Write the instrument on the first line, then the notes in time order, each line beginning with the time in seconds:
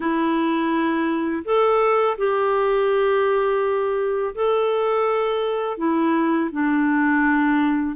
clarinet
0.00 E4
1.45 A4
2.17 G4
4.34 A4
5.77 E4
6.51 D4